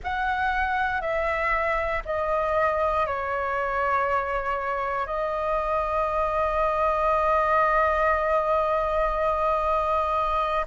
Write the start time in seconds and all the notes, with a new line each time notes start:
0.03 F#5
1.01 E5
2.05 D#5
3.06 C#5
5.06 D#5